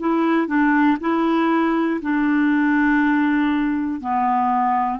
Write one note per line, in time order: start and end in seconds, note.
0.00 0.48 E4
0.48 0.98 D4
1.01 2.01 E4
2.02 4.01 D4
4.01 5.00 B3